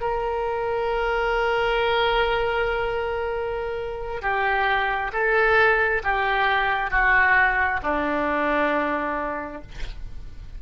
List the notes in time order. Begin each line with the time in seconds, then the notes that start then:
0.00 A#4
4.21 G4
5.12 A4
6.03 G4
6.90 F#4
7.82 D4